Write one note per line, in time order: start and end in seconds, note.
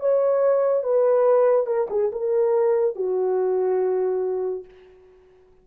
0.00 0.83 C#5
0.83 1.67 B4
1.67 1.88 A#4
1.90 2.11 G#4
2.12 2.96 A#4
2.96 4.65 F#4